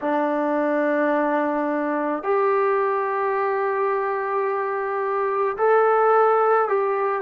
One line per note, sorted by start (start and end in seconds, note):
0.01 2.23 D4
2.23 5.56 G4
5.57 6.68 A4
6.68 7.22 G4